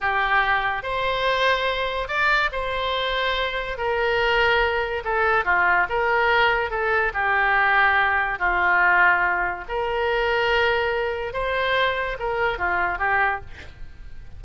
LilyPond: \new Staff \with { instrumentName = "oboe" } { \time 4/4 \tempo 4 = 143 g'2 c''2~ | c''4 d''4 c''2~ | c''4 ais'2. | a'4 f'4 ais'2 |
a'4 g'2. | f'2. ais'4~ | ais'2. c''4~ | c''4 ais'4 f'4 g'4 | }